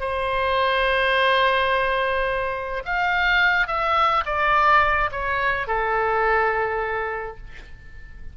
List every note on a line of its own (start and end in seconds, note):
0.00 2.83 C5
2.85 3.67 F5
3.67 4.24 E5
4.25 5.10 D5
5.11 5.67 C#5
5.67 7.37 A4